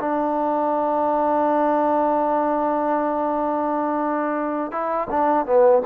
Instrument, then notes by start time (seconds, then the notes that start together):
trombone
0.00 D4
4.71 E4
5.10 D4
5.46 B3